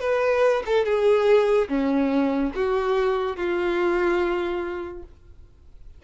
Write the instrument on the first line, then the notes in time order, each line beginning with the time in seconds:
violin
0.00 B4
0.66 A4
0.85 G#4
1.69 C#4
2.55 F#4
3.36 F4